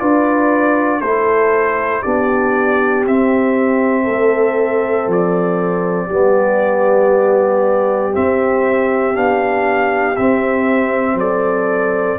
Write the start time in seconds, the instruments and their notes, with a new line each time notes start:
0.00 tuba D4, trombone F4, horn B4, trumpet D5
1.01 tuba A3, trombone E4, horn A4, trumpet C5
2.03 tuba B3, trombone D4, horn G4, trumpet D5
3.06 trombone C4, tuba C4, trumpet E5
4.04 tuba A3, horn A4
5.07 tuba F3, trumpet D5
6.07 tuba G3, trombone B3, horn G4
8.13 trombone C4, tuba C4, trumpet E5
9.14 tuba B3, trombone D4, trumpet F5
10.17 trombone C4, tuba C4, trumpet E5
11.15 tuba F#3, horn A4, trumpet D5